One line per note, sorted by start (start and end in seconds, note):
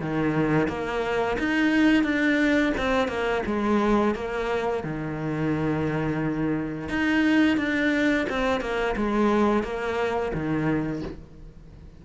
0.00 0.68 D#3
0.68 1.37 A#3
1.39 2.03 D#4
2.03 2.72 D4
2.77 3.08 C4
3.08 3.42 A#3
3.46 4.15 G#3
4.15 4.83 A#3
4.83 6.89 D#3
6.89 7.57 D#4
7.57 8.26 D4
8.29 8.61 C4
8.61 8.95 A#3
8.96 9.63 G#3
9.63 10.32 A#3
10.34 11.03 D#3